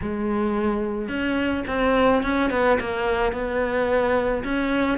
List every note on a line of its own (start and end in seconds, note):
0.01 1.08 G#3
1.08 1.64 C#4
1.67 2.22 C4
2.22 2.50 C#4
2.50 2.78 B3
2.80 3.32 A#3
3.32 4.43 B3
4.44 4.97 C#4